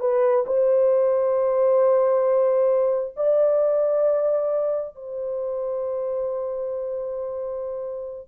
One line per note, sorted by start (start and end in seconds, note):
0.00 0.45 B4
0.47 3.15 C5
3.17 4.96 D5
4.96 8.28 C5